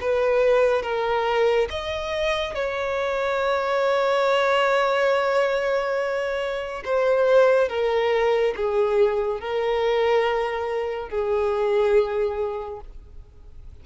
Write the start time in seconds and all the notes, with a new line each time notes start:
0.00 B4
0.82 A#4
1.70 D#5
2.54 C#5
6.85 C5
7.69 A#4
8.56 G#4
9.40 A#4
11.09 G#4